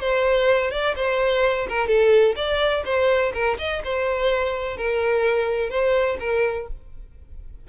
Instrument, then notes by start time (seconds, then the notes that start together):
violin
0.00 C5
0.71 D5
0.95 C5
1.69 A#4
1.87 A4
2.36 D5
2.85 C5
3.34 A#4
3.58 D#5
3.84 C5
4.77 A#4
5.69 C5
6.19 A#4